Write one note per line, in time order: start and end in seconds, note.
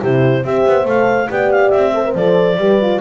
0.00 0.44 C3
0.00 0.44 E4
0.00 0.43 G4
0.00 0.45 C5
0.44 0.66 C4
0.44 0.84 G4
0.44 1.30 C5
0.44 0.88 E5
0.67 0.85 B3
0.84 1.28 A3
0.84 1.27 A4
0.84 1.31 F5
1.30 1.73 B3
1.30 1.94 G4
1.30 1.95 D5
1.30 1.51 G5
1.51 1.70 F5
1.70 2.15 C4
1.70 2.13 E5
1.94 2.05 A4
1.94 2.60 C5
2.05 2.16 A#4
2.15 2.57 F3
2.15 2.59 A4
2.15 3.01 D5
2.57 3.00 G3
2.57 2.81 G4
2.57 3.01 B4
2.81 3.01 F4